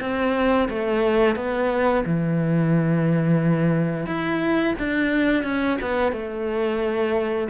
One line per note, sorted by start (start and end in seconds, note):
0.00 0.68 C4
0.69 1.36 A3
1.36 2.04 B3
2.05 4.06 E3
4.06 4.74 E4
4.79 5.43 D4
5.43 5.77 C#4
5.81 6.12 B3
6.12 7.48 A3